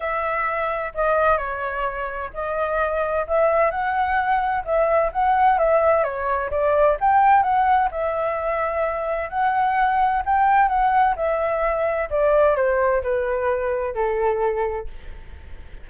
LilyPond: \new Staff \with { instrumentName = "flute" } { \time 4/4 \tempo 4 = 129 e''2 dis''4 cis''4~ | cis''4 dis''2 e''4 | fis''2 e''4 fis''4 | e''4 cis''4 d''4 g''4 |
fis''4 e''2. | fis''2 g''4 fis''4 | e''2 d''4 c''4 | b'2 a'2 | }